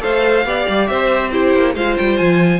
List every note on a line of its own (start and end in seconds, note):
0.00 0.45 A3
0.00 0.43 A4
0.00 0.46 C5
0.00 0.87 F5
0.45 0.66 B3
0.45 1.31 G4
0.45 0.90 D5
0.69 0.90 G3
0.87 1.54 C4
0.87 1.33 C5
0.87 1.30 E5
1.31 1.75 E4
1.31 1.75 G4
1.31 1.75 C5
1.54 1.75 A#3
1.75 1.97 G#3
1.75 2.60 F4
1.75 2.60 C5
1.75 1.97 F5
1.98 2.20 G3
1.98 2.18 G5
2.18 2.60 F3
2.18 2.60 G#5